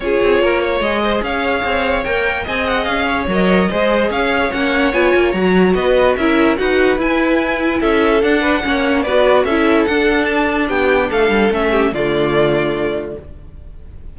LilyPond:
<<
  \new Staff \with { instrumentName = "violin" } { \time 4/4 \tempo 4 = 146 cis''2 dis''4 f''4~ | f''4 g''4 gis''8 fis''8 f''4 | dis''2 f''4 fis''4 | gis''4 ais''4 dis''4 e''4 |
fis''4 gis''2 e''4 | fis''2 d''4 e''4 | fis''4 a''4 g''4 f''4 | e''4 d''2. | }
  \new Staff \with { instrumentName = "violin" } { \time 4/4 gis'4 ais'8 cis''4 c''8 cis''4~ | cis''2 dis''4. cis''8~ | cis''4 c''4 cis''2~ | cis''2 b'4 ais'4 |
b'2. a'4~ | a'8 b'8 cis''4 b'4 a'4~ | a'2 g'4 a'4~ | a'8 g'8 f'2. | }
  \new Staff \with { instrumentName = "viola" } { \time 4/4 f'2 gis'2~ | gis'4 ais'4 gis'2 | ais'4 gis'2 cis'4 | f'4 fis'2 e'4 |
fis'4 e'2. | d'4 cis'4 fis'4 e'4 | d'1 | cis'4 a2. | }
  \new Staff \with { instrumentName = "cello" } { \time 4/4 cis'8 c'8 ais4 gis4 cis'4 | c'4 ais4 c'4 cis'4 | fis4 gis4 cis'4 ais4 | b8 ais8 fis4 b4 cis'4 |
dis'4 e'2 cis'4 | d'4 ais4 b4 cis'4 | d'2 b4 a8 g8 | a4 d2. | }
>>